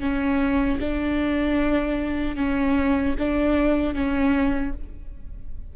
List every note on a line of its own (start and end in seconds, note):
0.00 0.79 C#4
0.80 2.36 D4
2.36 3.15 C#4
3.18 3.94 D4
3.94 4.73 C#4